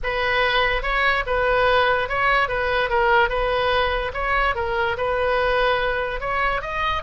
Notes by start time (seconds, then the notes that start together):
0.03 B4
0.82 C#5
1.26 B4
2.08 C#5
2.48 B4
2.89 A#4
3.29 B4
4.13 C#5
4.55 A#4
4.97 B4
6.20 C#5
6.61 D#5